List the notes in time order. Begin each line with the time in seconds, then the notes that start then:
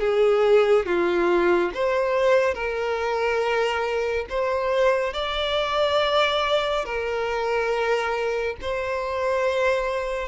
0.00 G#4
0.86 F4
1.75 C5
2.54 A#4
4.29 C5
5.14 D5
6.85 A#4
8.61 C5